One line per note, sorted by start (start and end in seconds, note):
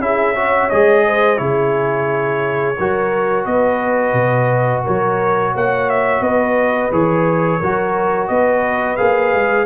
0.00 0.69 C#4
0.00 0.35 E4
0.00 0.36 G#4
0.00 0.70 E5
0.36 0.70 F#4
0.36 1.05 C#5
0.70 1.40 G#3
0.70 1.37 G#4
0.70 1.38 D#5
1.07 1.41 C5
1.37 2.78 C#3
1.37 2.75 E4
1.37 2.78 G#4
1.37 3.45 C#5
2.78 3.46 F#3
2.78 6.92 F#4
2.78 3.47 A#4
3.46 4.14 B3
3.46 4.84 B4
3.46 4.83 D#5
4.14 4.83 B2
4.84 5.55 F#3
4.84 5.53 A#4
4.84 5.56 C#5
5.55 6.21 A#3
5.55 6.23 C#5
5.55 5.90 F#5
5.90 6.24 E5
6.21 6.90 B3
6.21 7.60 B4
6.21 6.93 D#5
6.92 7.61 E3
6.92 7.61 G#4
6.92 8.28 C#5
7.60 8.29 F#3
7.60 8.98 F#4
7.60 8.29 A#4
8.28 8.98 B3
8.28 9.66 B4
8.28 8.97 D#5
8.97 9.34 A#3
8.97 9.66 G#4
8.97 9.66 F5
9.34 9.66 G#3